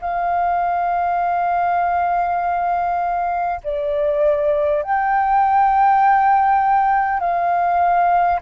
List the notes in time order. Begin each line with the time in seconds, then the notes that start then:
0.00 F5
3.63 D5
4.82 G5
7.20 F5